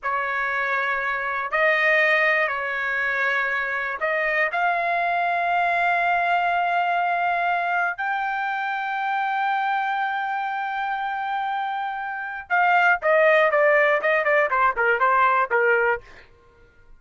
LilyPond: \new Staff \with { instrumentName = "trumpet" } { \time 4/4 \tempo 4 = 120 cis''2. dis''4~ | dis''4 cis''2. | dis''4 f''2.~ | f''1 |
g''1~ | g''1~ | g''4 f''4 dis''4 d''4 | dis''8 d''8 c''8 ais'8 c''4 ais'4 | }